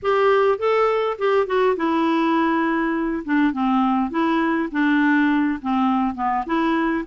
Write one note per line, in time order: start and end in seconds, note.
0.02 0.58 G4
0.58 1.17 A4
1.18 1.46 G4
1.46 1.76 F#4
1.76 3.23 E4
3.25 3.52 D4
3.52 4.10 C4
4.10 4.69 E4
4.71 5.59 D4
5.61 6.15 C4
6.15 6.44 B3
6.45 7.04 E4